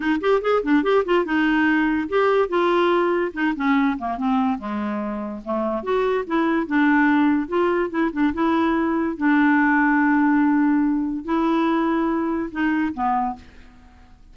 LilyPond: \new Staff \with { instrumentName = "clarinet" } { \time 4/4 \tempo 4 = 144 dis'8 g'8 gis'8 d'8 g'8 f'8 dis'4~ | dis'4 g'4 f'2 | dis'8 cis'4 ais8 c'4 gis4~ | gis4 a4 fis'4 e'4 |
d'2 f'4 e'8 d'8 | e'2 d'2~ | d'2. e'4~ | e'2 dis'4 b4 | }